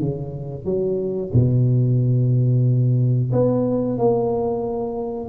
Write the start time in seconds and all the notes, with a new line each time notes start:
0.00 C#3
0.65 F#3
1.33 B2
3.32 B3
3.98 A#3